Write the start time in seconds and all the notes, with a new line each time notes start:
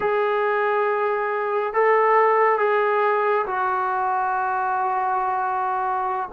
0.00 G#4
1.73 A4
2.58 G#4
3.46 F#4